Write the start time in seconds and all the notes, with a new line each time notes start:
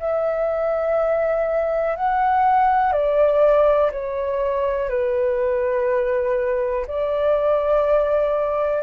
0.00 E5
1.96 F#5
2.93 D5
3.92 C#5
4.90 B4
6.88 D5